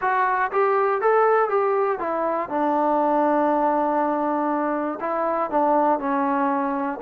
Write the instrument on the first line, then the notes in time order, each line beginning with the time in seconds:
trombone
0.01 F#4
0.51 G4
1.01 A4
1.49 G4
1.99 E4
2.49 D4
5.00 E4
5.50 D4
5.99 C#4